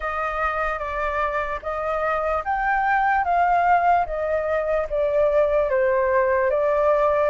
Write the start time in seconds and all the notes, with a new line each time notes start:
0.00 D#5
0.78 D5
1.62 D#5
2.44 G5
3.24 F5
4.06 D#5
4.89 D5
5.70 C5
6.50 D5